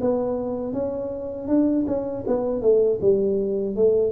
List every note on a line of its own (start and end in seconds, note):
0.00 0.73 B3
0.73 1.48 C#4
1.48 1.85 D4
1.86 2.24 C#4
2.27 2.61 B3
2.61 2.99 A3
3.00 3.75 G3
3.75 4.11 A3